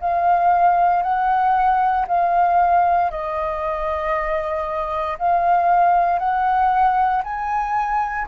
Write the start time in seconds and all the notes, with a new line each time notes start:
0.00 F5
1.02 F#5
2.07 F5
3.10 D#5
5.18 F5
6.18 F#5
7.23 G#5